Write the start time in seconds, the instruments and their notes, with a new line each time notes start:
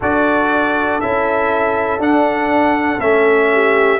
0.00 tuba D4, trombone F#4, horn A4, trumpet D5
1.00 tuba C#4, trombone E4, trumpet E5
1.98 tuba D4, trombone D4, trumpet F#5
2.99 tuba A3, trombone C#4, trumpet E5
3.53 horn G4